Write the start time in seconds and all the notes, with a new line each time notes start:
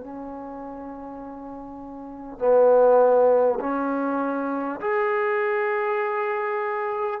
0.00 C#4
2.38 B3
3.59 C#4
4.80 G#4